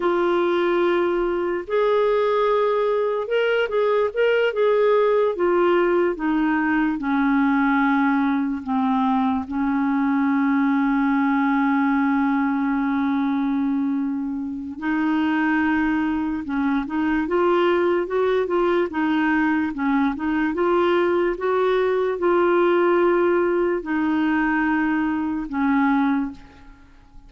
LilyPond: \new Staff \with { instrumentName = "clarinet" } { \time 4/4 \tempo 4 = 73 f'2 gis'2 | ais'8 gis'8 ais'8 gis'4 f'4 dis'8~ | dis'8 cis'2 c'4 cis'8~ | cis'1~ |
cis'2 dis'2 | cis'8 dis'8 f'4 fis'8 f'8 dis'4 | cis'8 dis'8 f'4 fis'4 f'4~ | f'4 dis'2 cis'4 | }